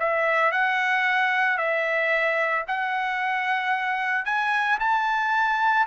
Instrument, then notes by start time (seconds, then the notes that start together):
trumpet
0.00 E5
0.52 F#5
1.58 E5
2.68 F#5
4.25 G#5
4.80 A5